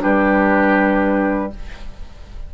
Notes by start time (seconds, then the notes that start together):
0.00 G3 D4 G4 B4